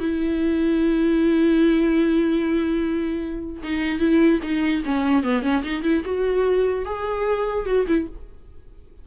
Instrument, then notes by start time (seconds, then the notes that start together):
viola
0.00 E4
3.64 D#4
4.00 E4
4.43 D#4
4.86 C#4
5.23 B3
5.43 C#4
5.64 D#4
5.83 E4
6.05 F#4
6.86 G#4
7.66 F#4
7.88 E4